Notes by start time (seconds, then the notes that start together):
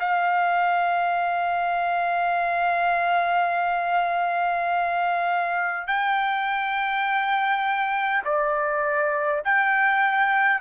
0.00 F5
5.88 G5
8.25 D5
9.45 G5